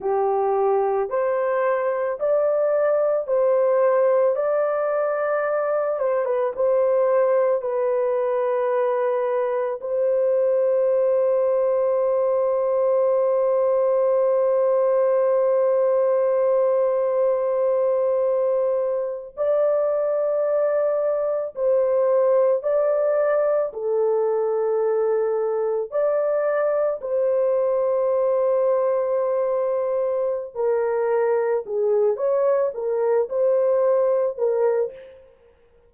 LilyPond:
\new Staff \with { instrumentName = "horn" } { \time 4/4 \tempo 4 = 55 g'4 c''4 d''4 c''4 | d''4. c''16 b'16 c''4 b'4~ | b'4 c''2.~ | c''1~ |
c''4.~ c''16 d''2 c''16~ | c''8. d''4 a'2 d''16~ | d''8. c''2.~ c''16 | ais'4 gis'8 cis''8 ais'8 c''4 ais'8 | }